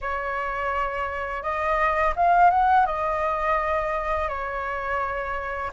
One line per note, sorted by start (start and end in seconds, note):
0.01 1.42 C#5
1.42 2.14 D#5
2.16 2.50 F5
2.50 2.85 F#5
2.85 4.28 D#5
4.28 5.71 C#5